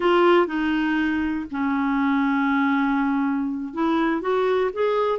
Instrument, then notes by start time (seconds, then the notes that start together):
clarinet
0.00 F4
0.46 D#4
1.51 C#4
3.73 E4
4.21 F#4
4.73 G#4